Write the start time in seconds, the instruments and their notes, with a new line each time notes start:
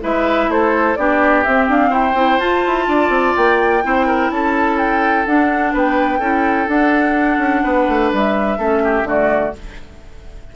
0.00 bassoon G#3, clarinet E4, oboe B4, flute E5
0.48 bassoon A3, oboe A4, flute C5
0.95 bassoon B3, clarinet D4, oboe G4, flute D5
1.43 clarinet C4, bassoon C4, flute E5
1.67 bassoon D4, flute F5
1.89 bassoon E4, oboe C5, flute G5
2.14 bassoon C4, clarinet E4
2.38 clarinet F4, bassoon F4, flute A5
2.66 bassoon E4
2.87 bassoon D4, oboe D5
3.09 bassoon C4
3.36 bassoon A#3, flute G5
3.82 bassoon C4, clarinet E4, oboe C5
4.06 oboe A#4
4.30 bassoon C#4, oboe A4, flute A5
4.77 flute G5
5.25 bassoon D4, clarinet D4, flute F#5
5.73 bassoon B3, oboe B4, flute G5
6.18 bassoon C#4, clarinet E4, oboe A4
6.66 clarinet D4, bassoon D4, flute F#5
7.38 bassoon C#4
7.63 bassoon B3, oboe B4
7.88 bassoon A3
8.12 bassoon G3, flute E5
8.58 bassoon A3, clarinet C#4, oboe A4
8.83 oboe G4
9.03 bassoon D3, clarinet A3, oboe F#4, flute D5